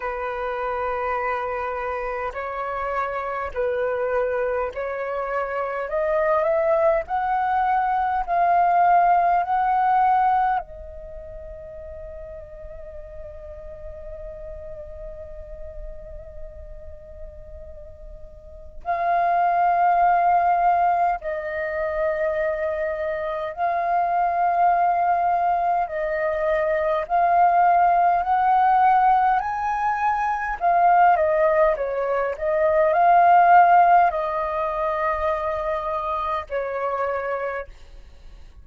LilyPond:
\new Staff \with { instrumentName = "flute" } { \time 4/4 \tempo 4 = 51 b'2 cis''4 b'4 | cis''4 dis''8 e''8 fis''4 f''4 | fis''4 dis''2.~ | dis''1 |
f''2 dis''2 | f''2 dis''4 f''4 | fis''4 gis''4 f''8 dis''8 cis''8 dis''8 | f''4 dis''2 cis''4 | }